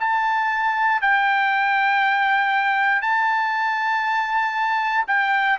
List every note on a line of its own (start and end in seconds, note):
0.00 1.02 A5
1.02 3.02 G5
3.02 5.05 A5
5.08 5.59 G5